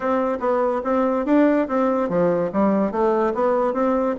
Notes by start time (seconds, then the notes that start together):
0.00 C4
0.39 B3
0.84 C4
1.25 D4
1.68 C4
2.09 F3
2.52 G3
2.91 A3
3.34 B3
3.73 C4